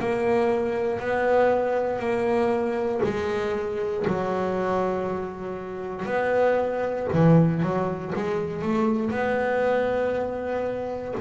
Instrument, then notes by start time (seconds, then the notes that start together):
double bass
0.00 A#3
1.00 B3
2.00 A#3
3.04 G#3
4.08 F#3
6.06 B3
7.13 E3
7.63 F#3
8.16 G#3
8.63 A3
9.12 B3